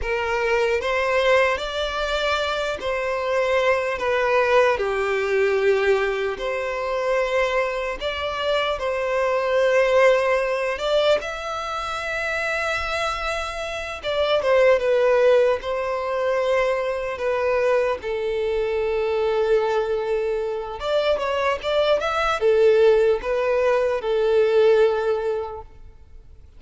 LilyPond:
\new Staff \with { instrumentName = "violin" } { \time 4/4 \tempo 4 = 75 ais'4 c''4 d''4. c''8~ | c''4 b'4 g'2 | c''2 d''4 c''4~ | c''4. d''8 e''2~ |
e''4. d''8 c''8 b'4 c''8~ | c''4. b'4 a'4.~ | a'2 d''8 cis''8 d''8 e''8 | a'4 b'4 a'2 | }